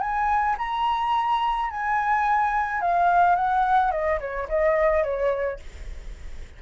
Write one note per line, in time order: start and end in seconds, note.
0.00 0.56 G#5
0.58 1.70 A#5
1.70 2.81 G#5
2.81 3.35 F5
3.35 3.91 F#5
3.91 4.19 D#5
4.20 4.48 C#5
4.49 5.03 D#5
5.03 5.59 C#5